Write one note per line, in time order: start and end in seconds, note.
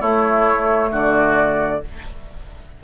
0.00 0.91 A3
0.00 1.82 A3
0.00 0.90 E4
0.00 0.90 C#5
0.91 1.81 D3
0.91 1.81 F#4
0.91 1.84 D5